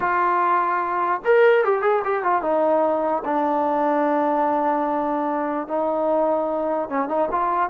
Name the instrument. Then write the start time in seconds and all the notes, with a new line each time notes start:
trombone
0.00 F4
1.24 A#4
1.64 G4
1.82 G#4
2.04 G4
2.23 F4
2.42 D#4
3.24 D4
5.67 D#4
6.89 C#4
7.08 D#4
7.31 F4